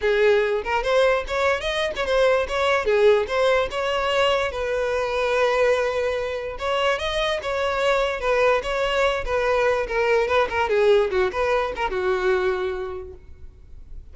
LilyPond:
\new Staff \with { instrumentName = "violin" } { \time 4/4 \tempo 4 = 146 gis'4. ais'8 c''4 cis''4 | dis''8. cis''16 c''4 cis''4 gis'4 | c''4 cis''2 b'4~ | b'1 |
cis''4 dis''4 cis''2 | b'4 cis''4. b'4. | ais'4 b'8 ais'8 gis'4 fis'8 b'8~ | b'8 ais'8 fis'2. | }